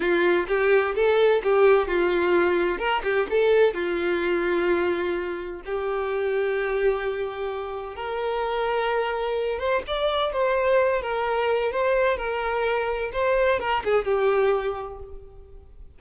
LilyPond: \new Staff \with { instrumentName = "violin" } { \time 4/4 \tempo 4 = 128 f'4 g'4 a'4 g'4 | f'2 ais'8 g'8 a'4 | f'1 | g'1~ |
g'4 ais'2.~ | ais'8 c''8 d''4 c''4. ais'8~ | ais'4 c''4 ais'2 | c''4 ais'8 gis'8 g'2 | }